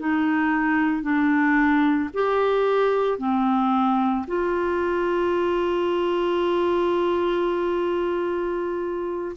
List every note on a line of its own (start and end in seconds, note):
0.00 1.03 D#4
1.03 2.10 D4
2.14 3.19 G4
3.19 4.26 C4
4.28 9.37 F4